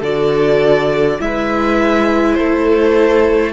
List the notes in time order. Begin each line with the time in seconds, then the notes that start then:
0.00 D3 F#4 A4 D5
1.19 G#3 E4 B4 E5
2.34 A3 A4 C5